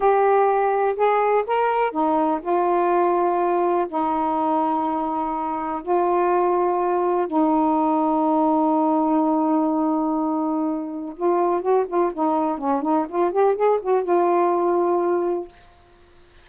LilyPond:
\new Staff \with { instrumentName = "saxophone" } { \time 4/4 \tempo 4 = 124 g'2 gis'4 ais'4 | dis'4 f'2. | dis'1 | f'2. dis'4~ |
dis'1~ | dis'2. f'4 | fis'8 f'8 dis'4 cis'8 dis'8 f'8 g'8 | gis'8 fis'8 f'2. | }